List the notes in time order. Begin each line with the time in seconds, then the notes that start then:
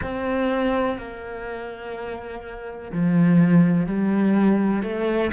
0.02 C4
0.98 A#3
2.92 F3
3.86 G3
4.83 A3